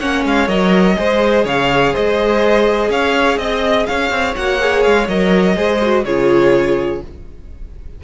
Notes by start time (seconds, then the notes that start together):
0.00 A#3 C#4 C#5 F#5
0.25 G#3 F5
0.48 F#3 A#4 D#5
0.96 G#3 G#4 C5
1.45 C#3 C#5 F5
1.93 G#3 C5 D#5
2.90 C#4 C#5 F5
3.38 C4 D#5
3.87 C#4 C#5 F5
4.10 C4
4.36 A#3 F#4 F#5
4.60 G#4
4.83 G#3 F5
5.08 F#3 A#4 D#5
5.56 G#3 G#4 C5
5.82 F#4
6.05 C#3 F4 G#4 C#5